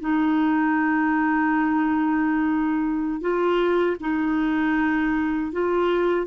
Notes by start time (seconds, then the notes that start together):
0.00 D#4
3.21 F4
4.00 D#4
5.52 F4